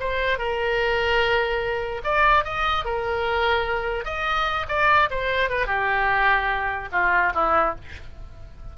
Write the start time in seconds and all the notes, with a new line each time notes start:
0.00 C5
0.38 A#4
2.04 D5
2.45 D#5
2.85 A#4
4.05 D#5
4.68 D5
5.11 C5
5.50 B4
5.66 G4
6.92 F4
7.35 E4